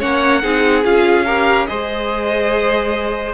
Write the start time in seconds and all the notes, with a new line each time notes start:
0.00 A#3 C#4 C#5 F#5
0.42 C4 D#4 G#4
0.84 C#4 F4 F5
1.25 G4 A#4
1.67 G#3 G#4 C5 D#5